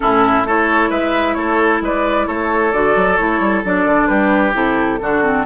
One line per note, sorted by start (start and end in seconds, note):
0.00 0.44 A2
0.00 0.46 C#4
0.00 0.46 E4
0.00 0.43 A4
0.44 0.89 A3
0.44 2.73 E4
0.44 0.89 A4
0.44 0.90 C#5
0.89 1.36 G#3
0.89 1.35 B4
0.89 1.34 E5
1.34 1.81 A3
1.34 1.83 A4
1.34 1.79 C#5
1.81 2.26 G#3
1.81 2.27 B4
1.81 2.28 D5
2.27 2.73 A3
2.27 4.08 A4
2.27 2.71 C#5
2.71 2.95 D3
2.71 3.18 F#4
2.71 3.17 D5
2.95 3.18 F#3
3.17 3.39 A3
3.17 3.63 E4
3.17 3.62 C#5
3.39 3.62 G3
3.64 3.85 F#3
3.64 4.53 D4
3.64 4.07 D5
3.85 4.08 D3
4.07 4.53 G3
4.07 4.99 G4
4.07 4.52 B4
4.53 4.98 C3
4.53 4.98 E4
4.53 5.45 A4
5.01 5.45 D3
5.01 5.23 D4
5.01 5.45 F#4
5.23 5.45 C4